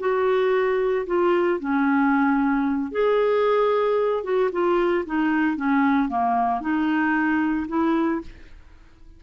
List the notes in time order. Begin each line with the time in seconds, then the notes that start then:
0.00 F#4
1.07 F4
1.60 C#4
2.92 G#4
4.24 F#4
4.52 F4
5.06 D#4
5.57 C#4
6.09 A#3
6.61 D#4
7.68 E4